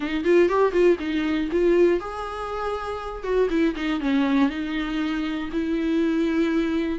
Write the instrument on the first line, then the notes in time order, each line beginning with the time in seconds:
viola
0.00 D#4
0.24 F4
0.49 G4
0.72 F4
0.99 D#4
1.51 F4
2.00 G#4
3.23 F#4
3.50 E4
3.75 D#4
4.00 C#4
4.49 D#4
5.52 E4